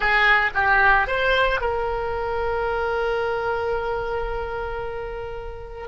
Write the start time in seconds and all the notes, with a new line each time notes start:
0.00 G#4
0.54 G4
1.07 C5
1.60 A#4